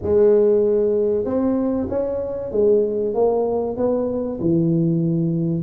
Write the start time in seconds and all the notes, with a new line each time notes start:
0.02 G#3
1.24 C4
1.89 C#4
2.51 G#3
3.14 A#3
3.76 B3
4.40 E3